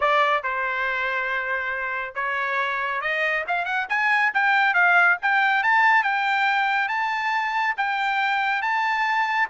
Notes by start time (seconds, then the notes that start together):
0.00 D5
0.43 C5
2.14 C#5
3.01 D#5
3.47 F5
3.65 F#5
3.89 G#5
4.34 G5
4.73 F5
5.22 G5
5.63 A5
6.03 G5
6.88 A5
7.77 G5
8.62 A5